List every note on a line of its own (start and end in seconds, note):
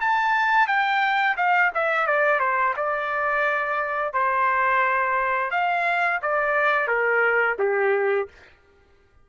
0.00 0.67 A5
0.67 1.36 G5
1.36 1.71 F5
1.74 2.06 E5
2.06 2.39 D5
2.39 2.74 C5
2.76 4.13 D5
4.13 5.50 C5
5.50 6.19 F5
6.22 6.87 D5
6.87 7.56 A#4
7.59 8.28 G4